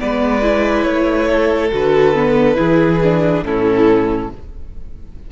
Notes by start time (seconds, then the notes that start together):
0.00 G#3 B3 B4 D5
0.42 E4
0.84 A3 C#5
1.29 A4
1.72 D3 F#4 B4
2.15 B3
2.56 E3 E4 G#4
3.04 D4
3.43 A2 C#4 E4 A4